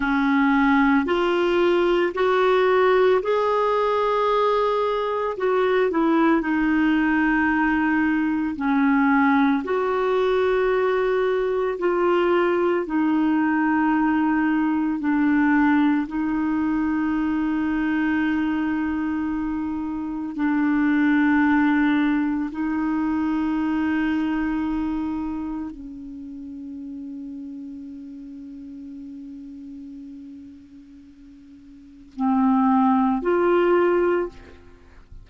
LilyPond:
\new Staff \with { instrumentName = "clarinet" } { \time 4/4 \tempo 4 = 56 cis'4 f'4 fis'4 gis'4~ | gis'4 fis'8 e'8 dis'2 | cis'4 fis'2 f'4 | dis'2 d'4 dis'4~ |
dis'2. d'4~ | d'4 dis'2. | cis'1~ | cis'2 c'4 f'4 | }